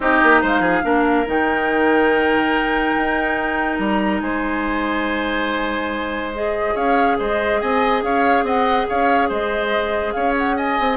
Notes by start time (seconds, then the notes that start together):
0.00 C4 D#4 G4 D#5
0.22 A#3
0.41 G#3 C5 F5
0.59 F3 G#4
0.82 A#3 D4 A#4
1.26 D#3 D#4 G5
2.96 D#4
3.78 G3 A#5
4.20 G#3 C5 G#5
6.34 G#4 D#5
6.74 C#4 C#5 F5
7.18 G#3 C5 D#5
7.60 C4 D#5 G#5
8.02 C#4 C#5 F5
8.42 C4 D#5 F#5
8.88 C#4 C#5 F5
9.29 G#3 C5 D#5
10.12 C#4 C#5 F5
10.38 F#5
10.56 D#5 G#5
10.79 C4